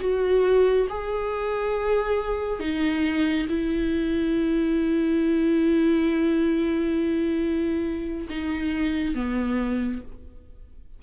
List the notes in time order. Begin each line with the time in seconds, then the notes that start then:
0.00 F#4
0.89 G#4
2.59 D#4
3.49 E4
8.29 D#4
9.14 B3